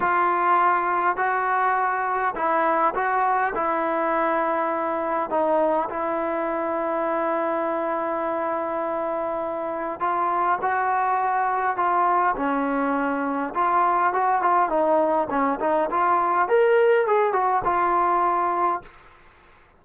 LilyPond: \new Staff \with { instrumentName = "trombone" } { \time 4/4 \tempo 4 = 102 f'2 fis'2 | e'4 fis'4 e'2~ | e'4 dis'4 e'2~ | e'1~ |
e'4 f'4 fis'2 | f'4 cis'2 f'4 | fis'8 f'8 dis'4 cis'8 dis'8 f'4 | ais'4 gis'8 fis'8 f'2 | }